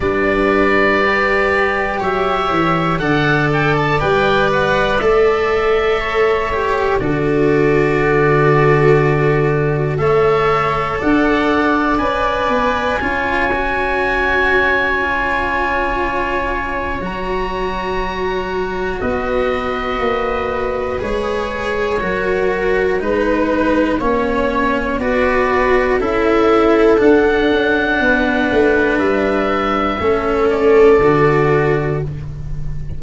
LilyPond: <<
  \new Staff \with { instrumentName = "oboe" } { \time 4/4 \tempo 4 = 60 d''2 e''4 fis''8 g''16 a''16 | g''8 fis''8 e''2 d''4~ | d''2 e''4 fis''4 | gis''1~ |
gis''4 ais''2 dis''4~ | dis''4 cis''2 b'4 | cis''4 d''4 e''4 fis''4~ | fis''4 e''4. d''4. | }
  \new Staff \with { instrumentName = "viola" } { \time 4/4 b'2 cis''4 d''4~ | d''2 cis''4 a'4~ | a'2 cis''4 d''4~ | d''4 cis''2.~ |
cis''2. b'4~ | b'2 ais'4 b'4 | cis''4 b'4 a'2 | b'2 a'2 | }
  \new Staff \with { instrumentName = "cello" } { \time 4/4 d'4 g'2 a'4 | b'4 a'4. g'8 fis'4~ | fis'2 a'2 | b'4 f'8 fis'4. f'4~ |
f'4 fis'2.~ | fis'4 gis'4 fis'4 dis'4 | cis'4 fis'4 e'4 d'4~ | d'2 cis'4 fis'4 | }
  \new Staff \with { instrumentName = "tuba" } { \time 4/4 g2 fis8 e8 d4 | g4 a2 d4~ | d2 a4 d'4 | cis'8 b8 cis'2.~ |
cis'4 fis2 b4 | ais4 gis4 fis4 gis4 | ais4 b4 cis'4 d'8 cis'8 | b8 a8 g4 a4 d4 | }
>>